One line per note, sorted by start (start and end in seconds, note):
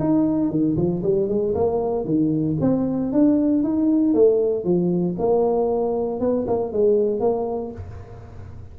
0.00 0.51 D#4
0.51 0.76 D#3
0.77 1.03 F3
1.03 1.29 G3
1.29 1.54 G#3
1.55 2.05 A#3
2.05 2.57 D#3
2.61 3.12 C4
3.12 3.64 D4
3.64 4.14 D#4
4.14 4.65 A3
4.65 5.16 F3
5.19 6.20 A#3
6.20 6.46 B3
6.47 6.73 A#3
6.73 7.20 G#3
7.20 7.72 A#3